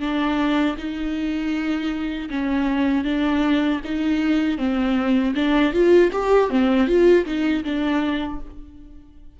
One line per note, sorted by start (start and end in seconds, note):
0.00 0.76 D4
0.77 2.29 D#4
2.30 3.04 C#4
3.04 3.80 D4
3.84 4.58 D#4
4.58 5.34 C4
5.35 5.73 D4
5.73 6.11 F4
6.12 6.50 G4
6.50 6.87 C4
6.87 7.25 F4
7.26 7.64 D#4
7.64 8.40 D4